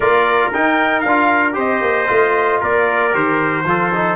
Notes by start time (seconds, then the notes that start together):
0.00 A#3 F4 A#4 D5
0.53 D#4 G5
1.00 D4 F5
1.07 F4
1.52 C4 G4 C5 D#5
1.81 A#3
2.07 A3 F4
2.60 A#3 A#4 D5
3.12 D#3 G4 C5
3.64 F3 F4 A4
3.93 D#4